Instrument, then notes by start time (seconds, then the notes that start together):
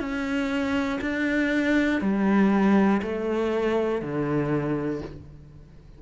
cello
0.00 C#4
1.01 D4
2.01 G3
3.02 A3
4.02 D3